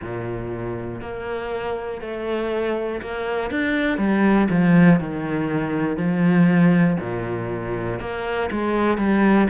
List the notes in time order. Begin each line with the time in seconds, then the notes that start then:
0.02 A#2
1.00 A#3
2.01 A3
3.01 A#3
3.50 D4
3.98 G3
4.50 F3
5.00 D#3
5.96 F3
7.00 A#2
8.00 A#3
8.50 G#3
8.97 G3